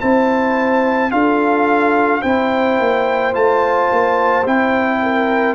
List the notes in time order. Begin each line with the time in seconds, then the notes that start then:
0.00 C4 E4 C5 A5
1.11 D4 F4 A4 F5
2.22 C4 E4 C5 G5
2.79 A#3
3.32 A3 F4 A5
3.92 A#3
4.46 C4 E4 G5
5.02 A#4